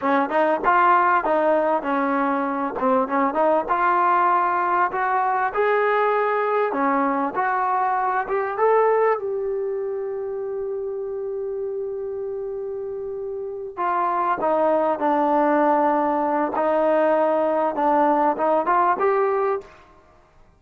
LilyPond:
\new Staff \with { instrumentName = "trombone" } { \time 4/4 \tempo 4 = 98 cis'8 dis'8 f'4 dis'4 cis'4~ | cis'8 c'8 cis'8 dis'8 f'2 | fis'4 gis'2 cis'4 | fis'4. g'8 a'4 g'4~ |
g'1~ | g'2~ g'8 f'4 dis'8~ | dis'8 d'2~ d'8 dis'4~ | dis'4 d'4 dis'8 f'8 g'4 | }